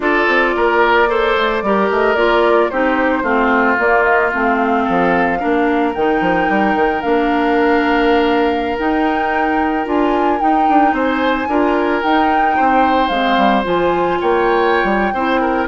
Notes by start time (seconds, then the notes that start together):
0.00 D4 F4 A4 D5
0.27 C4
0.55 A#3 A#4
1.07 A4 C5
1.36 A3
1.62 G3 G4 A#4
1.90 A3 D#5
2.15 A#3 F4 D5
2.69 C4 D#4 G4 C5
3.22 A3 C4 F4
3.77 A#3 D5
4.03 D#5
4.33 A3 C4 F5
4.84 F3 A4
5.39 A#3 D4 A#4
5.94 D#3 D#4 G5
6.20 F3
6.49 G3
6.75 D#3
7.01 A#3 D4 F5
8.78 D#4 G5
9.85 D4 F4 G#5
10.39 D#4 G5
10.69 D4
10.92 C4 C5 G#5
11.47 D4 F4 A#4
12.02 D#4 G5
12.56 C4 C5
13.08 G#3 C4 F5
13.37 G3
13.64 F3 F4 G#5
14.20 A#3 C#5 G5
14.84 G3
15.14 C4 E4 C5
15.41 A#4